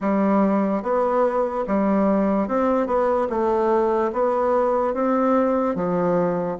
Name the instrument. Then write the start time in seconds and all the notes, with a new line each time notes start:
bassoon
0.00 G3
0.82 B3
1.67 G3
2.48 C4
2.86 B3
3.29 A3
4.12 B3
4.94 C4
5.75 F3